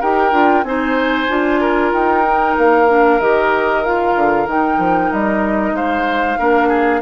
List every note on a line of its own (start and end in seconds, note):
0.00 0.32 D#4
0.00 0.32 G4
0.00 0.64 A#4
0.00 0.64 G5
0.32 0.63 D4
0.32 0.64 F4
0.63 1.27 C4
0.63 1.28 D#4
0.63 1.61 C5
0.63 1.91 G#5
1.28 1.92 D4
1.28 2.24 F4
1.61 5.75 A#4
1.92 2.56 D#4
1.92 2.56 G5
2.26 2.88 D#4
2.57 3.21 A#3
2.57 3.20 F5
2.88 3.20 D4
3.20 4.15 D#3
3.20 3.84 G4
3.20 3.83 D#5
3.83 4.48 F4
3.83 4.47 F5
4.15 4.46 D3
4.46 4.78 D#3
4.46 6.39 D#4
4.46 5.12 G5
4.78 5.10 F3
5.12 5.72 G3
5.12 5.76 D#5
5.72 6.36 G#3
5.72 6.38 C5
5.72 7.01 F5
6.38 7.01 A#3
6.38 7.01 D4
6.38 6.68 A#4
6.68 7.00 G#4